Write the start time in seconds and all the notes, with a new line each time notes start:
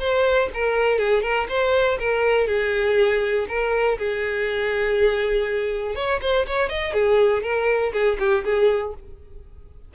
0.00 C5
0.54 A#4
0.99 G#4
1.23 A#4
1.49 C5
1.99 A#4
2.48 G#4
3.49 A#4
3.99 G#4
5.96 C#5
6.22 C5
6.47 C#5
6.70 D#5
6.94 G#4
7.43 A#4
7.93 G#4
8.20 G4
8.45 G#4